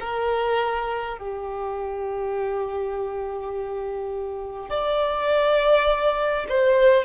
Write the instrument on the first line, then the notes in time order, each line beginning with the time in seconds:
violin
0.00 A#4
1.18 G4
4.70 D5
6.49 C5